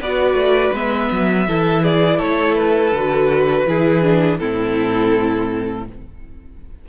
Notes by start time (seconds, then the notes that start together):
0.00 B3 F#4 B4 D5
0.34 A3
0.73 G#3 B3 E5
1.12 F#3
1.48 E3 E4 A4
1.83 G#4 D5
2.18 A3 A4 C#5
2.55 B4
2.92 D3 F#4
3.67 E3 E4 G#4
4.02 D4
4.39 A2 C4 E4 A4